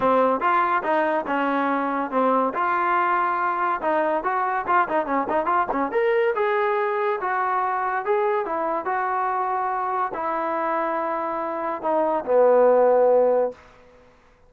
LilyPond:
\new Staff \with { instrumentName = "trombone" } { \time 4/4 \tempo 4 = 142 c'4 f'4 dis'4 cis'4~ | cis'4 c'4 f'2~ | f'4 dis'4 fis'4 f'8 dis'8 | cis'8 dis'8 f'8 cis'8 ais'4 gis'4~ |
gis'4 fis'2 gis'4 | e'4 fis'2. | e'1 | dis'4 b2. | }